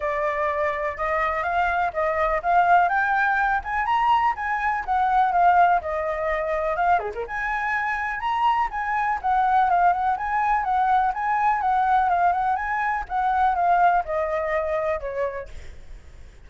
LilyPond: \new Staff \with { instrumentName = "flute" } { \time 4/4 \tempo 4 = 124 d''2 dis''4 f''4 | dis''4 f''4 g''4. gis''8 | ais''4 gis''4 fis''4 f''4 | dis''2 f''8 gis'16 ais'16 gis''4~ |
gis''4 ais''4 gis''4 fis''4 | f''8 fis''8 gis''4 fis''4 gis''4 | fis''4 f''8 fis''8 gis''4 fis''4 | f''4 dis''2 cis''4 | }